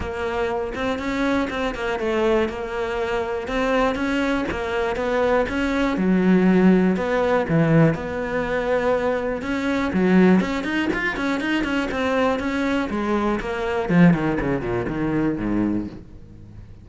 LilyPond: \new Staff \with { instrumentName = "cello" } { \time 4/4 \tempo 4 = 121 ais4. c'8 cis'4 c'8 ais8 | a4 ais2 c'4 | cis'4 ais4 b4 cis'4 | fis2 b4 e4 |
b2. cis'4 | fis4 cis'8 dis'8 f'8 cis'8 dis'8 cis'8 | c'4 cis'4 gis4 ais4 | f8 dis8 cis8 ais,8 dis4 gis,4 | }